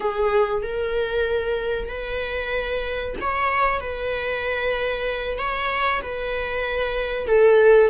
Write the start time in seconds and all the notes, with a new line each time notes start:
0.00 G#4
0.62 A#4
1.89 B4
3.20 C#5
3.80 B4
5.38 C#5
6.02 B4
7.27 A4